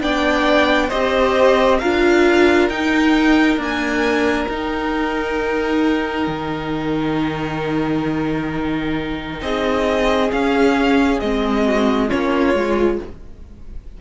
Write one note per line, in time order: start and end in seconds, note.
0.00 0.90 B3
0.00 0.90 D4
0.00 0.88 D5
0.00 0.89 G5
0.88 1.82 C4
0.88 1.81 G4
0.88 1.77 C5
0.88 1.79 D#5
1.79 2.68 D4
1.79 2.70 F4
1.79 9.41 A#4
1.79 2.68 F5
2.68 3.56 D#4
2.68 3.58 D#4
2.68 3.58 G5
3.56 4.48 A#3
3.56 4.46 D4
3.56 4.50 G#5
4.48 6.27 D#4
4.48 10.29 D#4
4.48 9.41 G5
6.27 9.40 D#3
9.41 10.31 C4
9.41 11.66 G#4
9.41 10.31 D#5
10.29 11.19 C#4
10.29 11.21 C#4
10.29 11.19 F5
11.19 12.10 G#3
11.19 12.09 C4
11.19 12.09 D#5
11.66 12.07 F#4
12.07 12.53 A#3
12.07 12.54 C#4
12.07 12.97 F4
12.07 12.99 C#5
12.53 12.98 G#3
12.53 13.01 F4